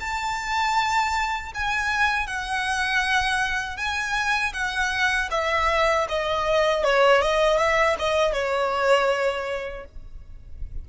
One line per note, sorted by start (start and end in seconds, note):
0.00 1.52 A5
1.55 2.27 G#5
2.27 3.77 F#5
3.77 4.53 G#5
4.53 5.29 F#5
5.31 6.07 E5
6.09 6.84 D#5
6.84 7.22 C#5
7.22 7.58 D#5
7.58 7.96 E5
7.99 8.33 D#5
8.33 9.85 C#5